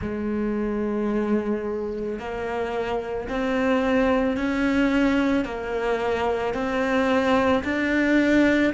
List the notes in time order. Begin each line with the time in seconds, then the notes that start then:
0.01 G#3
2.19 A#3
3.28 C4
4.36 C#4
5.44 A#3
6.54 C4
7.64 D4